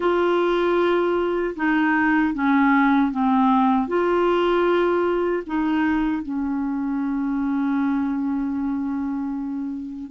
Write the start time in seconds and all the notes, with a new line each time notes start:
0.00 F4
1.55 D#4
2.34 C#4
3.11 C4
3.87 F4
5.46 D#4
6.23 C#4